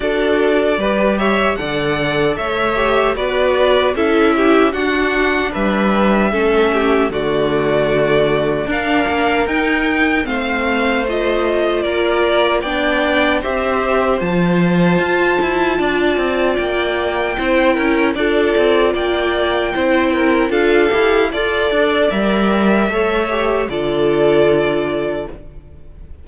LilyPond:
<<
  \new Staff \with { instrumentName = "violin" } { \time 4/4 \tempo 4 = 76 d''4. e''8 fis''4 e''4 | d''4 e''4 fis''4 e''4~ | e''4 d''2 f''4 | g''4 f''4 dis''4 d''4 |
g''4 e''4 a''2~ | a''4 g''2 d''4 | g''2 f''4 d''4 | e''2 d''2 | }
  \new Staff \with { instrumentName = "violin" } { \time 4/4 a'4 b'8 cis''8 d''4 cis''4 | b'4 a'8 g'8 fis'4 b'4 | a'8 g'8 fis'2 ais'4~ | ais'4 c''2 ais'4 |
d''4 c''2. | d''2 c''8 ais'8 a'4 | d''4 c''8 ais'8 a'4 d''4~ | d''4 cis''4 a'2 | }
  \new Staff \with { instrumentName = "viola" } { \time 4/4 fis'4 g'4 a'4. g'8 | fis'4 e'4 d'2 | cis'4 a2 d'4 | dis'4 c'4 f'2 |
d'4 g'4 f'2~ | f'2 e'4 f'4~ | f'4 e'4 f'8 g'8 a'4 | ais'4 a'8 g'8 f'2 | }
  \new Staff \with { instrumentName = "cello" } { \time 4/4 d'4 g4 d4 a4 | b4 cis'4 d'4 g4 | a4 d2 d'8 ais8 | dis'4 a2 ais4 |
b4 c'4 f4 f'8 e'8 | d'8 c'8 ais4 c'8 cis'8 d'8 c'8 | ais4 c'4 d'8 e'8 f'8 d'8 | g4 a4 d2 | }
>>